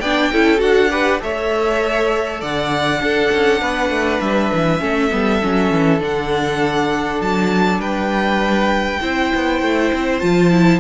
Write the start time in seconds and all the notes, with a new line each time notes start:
0.00 B3 D4 D5 G5
0.32 C#4 E4 A4
0.57 D4 F#4 F#5
0.90 G4 B4
1.20 A3 A4 C#5 E5
2.41 D3 D5 F#5
3.00 D4 A4
3.32 C#4
3.61 B3 B4
3.90 A3
4.21 G3 E5
4.53 E3
4.79 A3 C#4 A4
5.10 G3 B3
5.42 F#3 C#4
5.71 E3
6.00 D3 D4 F#5
7.21 F#3 A5
7.79 G3 B4 G5
9.01 C4 E4 C5
9.35 B3
9.61 A3
9.93 C4
10.19 F3 F4 A5
10.51 E4